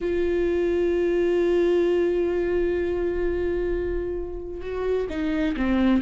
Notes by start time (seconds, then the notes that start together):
0.00 F4
4.61 F#4
5.09 D#4
5.56 C4